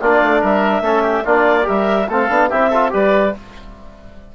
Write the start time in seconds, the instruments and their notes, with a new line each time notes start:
0.00 bassoon A#3, trombone D4, oboe F4, clarinet D5
0.22 bassoon A3
0.40 bassoon G3, oboe A#4, clarinet E5
0.80 bassoon A3, trombone C#4, oboe A4
1.02 oboe G4
1.24 bassoon A#3, trombone D4, oboe F4, clarinet D5
1.62 bassoon G3, trombone G4, oboe A#4, clarinet E5
2.08 bassoon A3, trombone C4, oboe A4, clarinet F5
2.29 bassoon B3, trombone D4
2.49 bassoon C4, trombone E4, oboe G4, clarinet E5
2.69 trombone F4, oboe A4
2.89 bassoon G3, trombone G4, oboe B4, clarinet D5